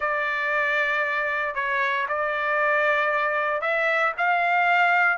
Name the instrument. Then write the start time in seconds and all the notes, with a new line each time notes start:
trumpet
0.00 D5
1.54 C#5
2.08 D5
3.61 E5
4.17 F5